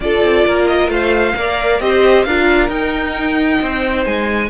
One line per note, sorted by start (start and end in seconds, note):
0.00 0.21 D4
0.00 1.37 F4
0.00 0.45 A4
0.00 0.67 D5
0.22 0.44 C4
0.45 0.88 A#3
0.45 0.91 A#4
0.67 0.89 D#5
0.88 1.33 A3
0.88 1.36 C5
0.88 1.80 F5
1.35 1.80 A#3
1.35 1.80 A#4
1.35 1.82 D5
1.80 2.25 C4
1.80 2.25 G4
1.80 2.26 C5
1.80 2.23 D#5
2.23 2.68 D4
2.23 2.69 F4
2.23 3.61 A#4
2.23 2.68 F5
2.68 3.59 D#4
2.68 4.49 D#4
2.68 4.04 G5
3.61 4.05 C4
3.61 4.49 C5
4.05 4.49 G#3
4.05 4.49 G#5